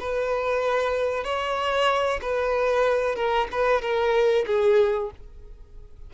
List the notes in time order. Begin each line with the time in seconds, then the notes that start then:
0.00 B4
1.24 C#5
2.22 B4
3.16 A#4
3.52 B4
3.82 A#4
4.47 G#4